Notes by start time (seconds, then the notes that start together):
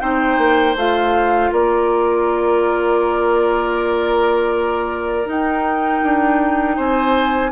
0.00 C4 D#4 C5 G5
0.38 A#3
0.76 A3 F4 F5
1.52 A#3 A#4 D5
5.26 D#4 G5
6.03 D4
6.76 C4 C5 G#5